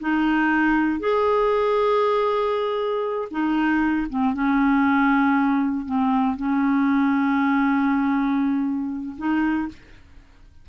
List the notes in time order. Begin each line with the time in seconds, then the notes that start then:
0.00 D#4
0.99 G#4
3.31 D#4
4.10 C4
4.34 C#4
5.86 C4
6.36 C#4
9.18 D#4